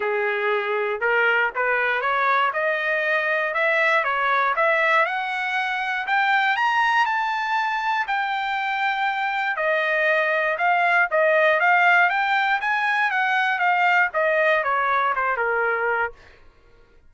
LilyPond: \new Staff \with { instrumentName = "trumpet" } { \time 4/4 \tempo 4 = 119 gis'2 ais'4 b'4 | cis''4 dis''2 e''4 | cis''4 e''4 fis''2 | g''4 ais''4 a''2 |
g''2. dis''4~ | dis''4 f''4 dis''4 f''4 | g''4 gis''4 fis''4 f''4 | dis''4 cis''4 c''8 ais'4. | }